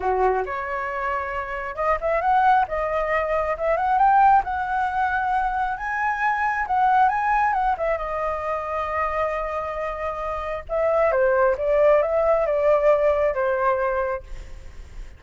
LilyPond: \new Staff \with { instrumentName = "flute" } { \time 4/4 \tempo 4 = 135 fis'4 cis''2. | dis''8 e''8 fis''4 dis''2 | e''8 fis''8 g''4 fis''2~ | fis''4 gis''2 fis''4 |
gis''4 fis''8 e''8 dis''2~ | dis''1 | e''4 c''4 d''4 e''4 | d''2 c''2 | }